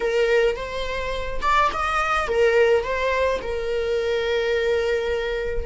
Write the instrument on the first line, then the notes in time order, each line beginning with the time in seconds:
viola
0.00 A#4
0.56 C5
1.42 D5
1.73 D#5
2.27 A#4
2.83 C5
3.41 A#4